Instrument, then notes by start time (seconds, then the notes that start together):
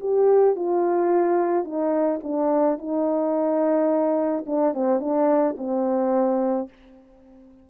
horn
0.00 G4
0.56 F4
1.64 D#4
2.23 D4
2.78 D#4
4.46 D4
4.74 C4
5.00 D4
5.58 C4